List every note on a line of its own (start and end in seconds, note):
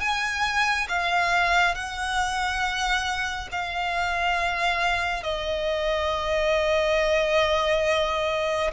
0.00 0.87 G#5
0.88 1.75 F5
1.75 3.49 F#5
3.52 5.23 F5
5.23 8.71 D#5